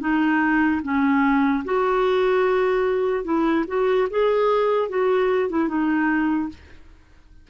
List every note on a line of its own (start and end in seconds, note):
0.00 0.81 D#4
0.82 1.63 C#4
1.64 3.24 F#4
3.24 3.64 E4
3.67 4.08 F#4
4.10 4.89 G#4
4.89 5.49 F#4
5.49 5.68 E4
5.68 6.49 D#4